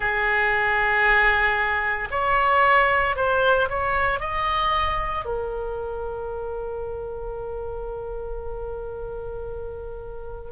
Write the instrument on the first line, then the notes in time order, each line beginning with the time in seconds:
oboe
0.00 G#4
2.11 C#5
3.16 C5
3.68 C#5
4.20 D#5
5.25 A#4